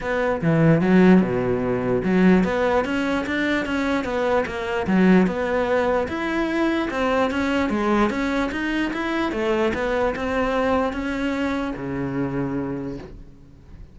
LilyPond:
\new Staff \with { instrumentName = "cello" } { \time 4/4 \tempo 4 = 148 b4 e4 fis4 b,4~ | b,4 fis4 b4 cis'4 | d'4 cis'4 b4 ais4 | fis4 b2 e'4~ |
e'4 c'4 cis'4 gis4 | cis'4 dis'4 e'4 a4 | b4 c'2 cis'4~ | cis'4 cis2. | }